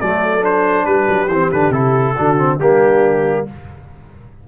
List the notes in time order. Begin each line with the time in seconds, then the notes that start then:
0.00 F#3 A3 A4 D5
0.41 D4 C5
0.86 G3 G4 B4
1.09 F#3
1.28 E3 C4 C5
1.52 D3 D4 B4
1.70 C3 E4 A4
2.16 D3 D4 F#4
2.38 C4
2.58 G3 A#3 D4 G4